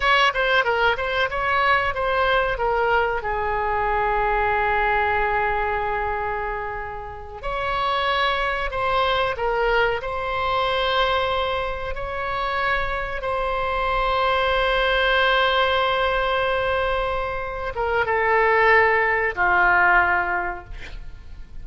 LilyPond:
\new Staff \with { instrumentName = "oboe" } { \time 4/4 \tempo 4 = 93 cis''8 c''8 ais'8 c''8 cis''4 c''4 | ais'4 gis'2.~ | gis'2.~ gis'8 cis''8~ | cis''4. c''4 ais'4 c''8~ |
c''2~ c''8 cis''4.~ | cis''8 c''2.~ c''8~ | c''2.~ c''8 ais'8 | a'2 f'2 | }